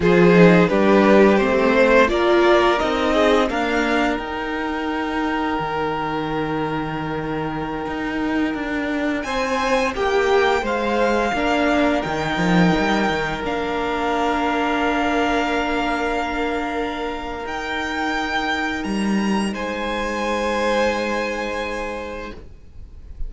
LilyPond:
<<
  \new Staff \with { instrumentName = "violin" } { \time 4/4 \tempo 4 = 86 c''4 b'4 c''4 d''4 | dis''4 f''4 g''2~ | g''1~ | g''4~ g''16 gis''4 g''4 f''8.~ |
f''4~ f''16 g''2 f''8.~ | f''1~ | f''4 g''2 ais''4 | gis''1 | }
  \new Staff \with { instrumentName = "violin" } { \time 4/4 gis'4 g'4. c''8 ais'4~ | ais'8 gis'8 ais'2.~ | ais'1~ | ais'4~ ais'16 c''4 g'4 c''8.~ |
c''16 ais'2.~ ais'8.~ | ais'1~ | ais'1 | c''1 | }
  \new Staff \with { instrumentName = "viola" } { \time 4/4 f'8 dis'8 d'4 c'4 f'4 | dis'4 ais4 dis'2~ | dis'1~ | dis'1~ |
dis'16 d'4 dis'2 d'8.~ | d'1~ | d'4 dis'2.~ | dis'1 | }
  \new Staff \with { instrumentName = "cello" } { \time 4/4 f4 g4 a4 ais4 | c'4 d'4 dis'2 | dis2.~ dis16 dis'8.~ | dis'16 d'4 c'4 ais4 gis8.~ |
gis16 ais4 dis8 f8 g8 dis8 ais8.~ | ais1~ | ais4 dis'2 g4 | gis1 | }
>>